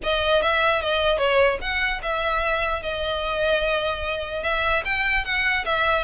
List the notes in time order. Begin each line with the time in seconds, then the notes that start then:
0.03 D#5
0.42 E5
0.81 D#5
1.18 C#5
1.61 F#5
2.02 E5
2.82 D#5
4.43 E5
4.84 G5
5.24 F#5
5.65 E5